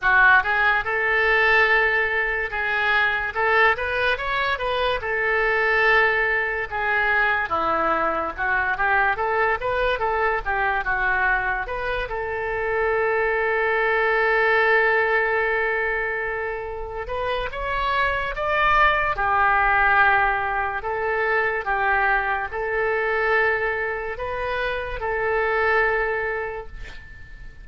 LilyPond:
\new Staff \with { instrumentName = "oboe" } { \time 4/4 \tempo 4 = 72 fis'8 gis'8 a'2 gis'4 | a'8 b'8 cis''8 b'8 a'2 | gis'4 e'4 fis'8 g'8 a'8 b'8 | a'8 g'8 fis'4 b'8 a'4.~ |
a'1~ | a'8 b'8 cis''4 d''4 g'4~ | g'4 a'4 g'4 a'4~ | a'4 b'4 a'2 | }